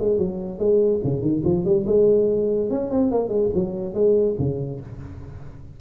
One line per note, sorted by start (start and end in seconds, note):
0.00 0.19 G#3
0.19 0.59 F#3
0.59 1.01 G#3
1.05 1.22 C#3
1.22 1.43 D#3
1.45 1.65 F3
1.65 1.86 G3
1.87 2.70 G#3
2.71 2.91 C#4
2.91 3.12 C4
3.12 3.29 A#3
3.29 3.50 G#3
3.55 3.95 F#3
3.95 4.36 G#3
4.39 4.81 C#3